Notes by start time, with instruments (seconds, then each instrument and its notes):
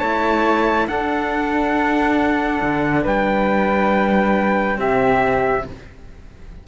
0.00 cello A3 E4, flute C#5, trumpet A5
0.87 cello D4, flute A4, trumpet F#5
2.63 cello D3
3.04 cello G3, flute B4, trumpet G5
4.76 cello C3 C4, flute G4, trumpet E5